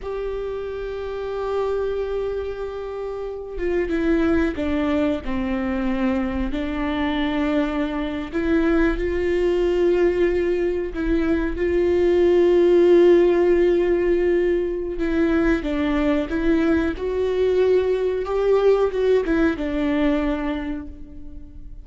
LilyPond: \new Staff \with { instrumentName = "viola" } { \time 4/4 \tempo 4 = 92 g'1~ | g'4. f'8 e'4 d'4 | c'2 d'2~ | d'8. e'4 f'2~ f'16~ |
f'8. e'4 f'2~ f'16~ | f'2. e'4 | d'4 e'4 fis'2 | g'4 fis'8 e'8 d'2 | }